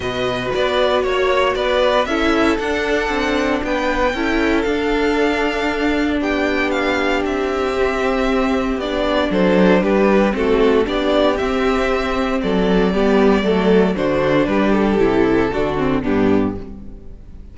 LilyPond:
<<
  \new Staff \with { instrumentName = "violin" } { \time 4/4 \tempo 4 = 116 dis''4 d''4 cis''4 d''4 | e''4 fis''2 g''4~ | g''4 f''2. | g''4 f''4 e''2~ |
e''4 d''4 c''4 b'4 | a'4 d''4 e''2 | d''2. c''4 | b'8 a'2~ a'8 g'4 | }
  \new Staff \with { instrumentName = "violin" } { \time 4/4 b'2 cis''4 b'4 | a'2. b'4 | a'1 | g'1~ |
g'2 a'4 g'4 | fis'4 g'2. | a'4 g'4 a'4 fis'4 | g'2 fis'4 d'4 | }
  \new Staff \with { instrumentName = "viola" } { \time 4/4 fis'1 | e'4 d'2. | e'4 d'2.~ | d'2. c'4~ |
c'4 d'2. | c'4 d'4 c'2~ | c'4 b4 a4 d'4~ | d'4 e'4 d'8 c'8 b4 | }
  \new Staff \with { instrumentName = "cello" } { \time 4/4 b,4 b4 ais4 b4 | cis'4 d'4 c'4 b4 | cis'4 d'2. | b2 c'2~ |
c'4 b4 fis4 g4 | a4 b4 c'2 | fis4 g4 fis4 d4 | g4 c4 d4 g,4 | }
>>